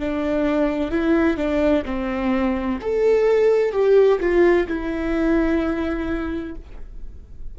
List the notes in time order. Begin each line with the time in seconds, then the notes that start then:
0.00 D4
0.92 E4
1.37 D4
1.85 C4
2.82 A4
3.72 G4
4.21 F4
4.68 E4